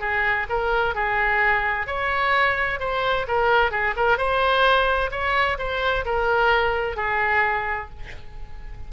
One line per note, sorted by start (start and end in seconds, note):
0.00 0.47 G#4
0.49 0.95 A#4
0.95 1.87 G#4
1.87 2.80 C#5
2.80 3.26 C5
3.28 3.71 A#4
3.71 3.94 G#4
3.96 4.17 A#4
4.17 5.10 C5
5.11 5.58 C#5
5.58 6.05 C5
6.05 6.96 A#4
6.96 7.89 G#4